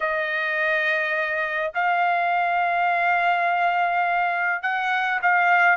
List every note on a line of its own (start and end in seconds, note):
0.00 1.72 D#5
1.74 4.62 F5
4.62 5.19 F#5
5.22 5.77 F5